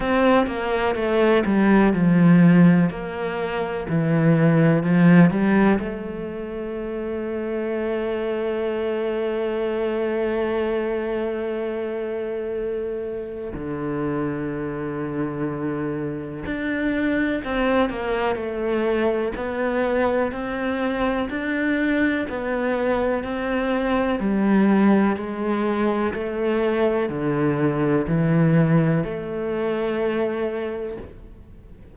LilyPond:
\new Staff \with { instrumentName = "cello" } { \time 4/4 \tempo 4 = 62 c'8 ais8 a8 g8 f4 ais4 | e4 f8 g8 a2~ | a1~ | a2 d2~ |
d4 d'4 c'8 ais8 a4 | b4 c'4 d'4 b4 | c'4 g4 gis4 a4 | d4 e4 a2 | }